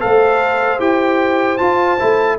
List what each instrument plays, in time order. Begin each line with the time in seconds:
0.00 tuba A3, trombone A4, horn C5, trumpet F5
0.79 tuba E4, trombone G4, trumpet G5
1.58 trombone F4, tuba F4, trumpet A5
2.00 tuba A3, trombone E4